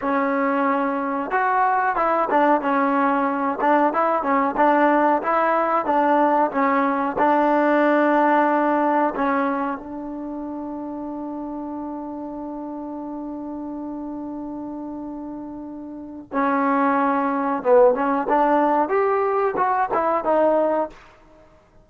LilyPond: \new Staff \with { instrumentName = "trombone" } { \time 4/4 \tempo 4 = 92 cis'2 fis'4 e'8 d'8 | cis'4. d'8 e'8 cis'8 d'4 | e'4 d'4 cis'4 d'4~ | d'2 cis'4 d'4~ |
d'1~ | d'1~ | d'4 cis'2 b8 cis'8 | d'4 g'4 fis'8 e'8 dis'4 | }